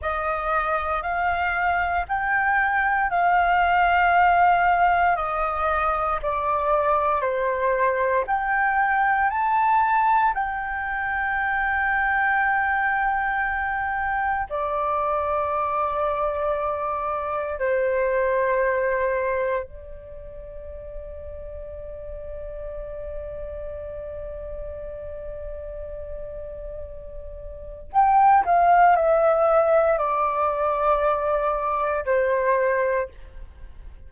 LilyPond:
\new Staff \with { instrumentName = "flute" } { \time 4/4 \tempo 4 = 58 dis''4 f''4 g''4 f''4~ | f''4 dis''4 d''4 c''4 | g''4 a''4 g''2~ | g''2 d''2~ |
d''4 c''2 d''4~ | d''1~ | d''2. g''8 f''8 | e''4 d''2 c''4 | }